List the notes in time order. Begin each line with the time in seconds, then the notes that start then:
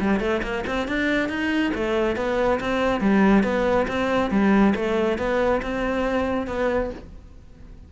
0.00 G3
0.19 A3
0.42 A#3
0.66 C4
0.88 D4
1.29 D#4
1.74 A3
2.16 B3
2.60 C4
3.00 G3
3.43 B3
3.88 C4
4.30 G3
4.75 A3
5.18 B3
5.62 C4
6.47 B3